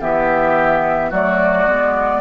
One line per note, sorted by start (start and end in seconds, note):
0.00 1.11 E3
0.00 1.12 B3
0.00 1.10 G4
0.00 1.12 E5
1.10 1.67 F#3
1.10 1.67 A3
1.10 2.21 F#4
1.10 2.21 D5
1.67 2.21 G#3
1.67 2.21 B3